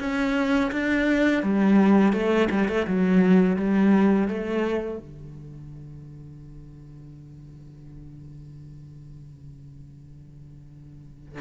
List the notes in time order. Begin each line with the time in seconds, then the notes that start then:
0.00 C#4
0.72 D4
1.43 G3
2.13 A3
2.51 G3
2.69 A3
2.88 F#3
3.57 G3
4.28 A3
4.98 D3